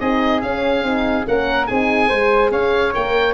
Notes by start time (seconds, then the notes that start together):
0.00 C4 D#4 G#4 D#5
0.41 C#4 F5
0.83 C4 D#4
1.25 A#3 C#4 A#4 F#5
1.67 C4 D#4 G#4 G#5
2.09 G#3 G#4 C5
2.51 C#4 C#5 F5
2.94 A#3 A#4 G5